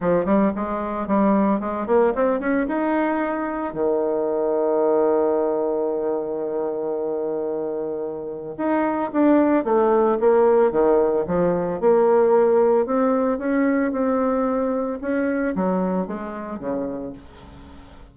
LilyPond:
\new Staff \with { instrumentName = "bassoon" } { \time 4/4 \tempo 4 = 112 f8 g8 gis4 g4 gis8 ais8 | c'8 cis'8 dis'2 dis4~ | dis1~ | dis1 |
dis'4 d'4 a4 ais4 | dis4 f4 ais2 | c'4 cis'4 c'2 | cis'4 fis4 gis4 cis4 | }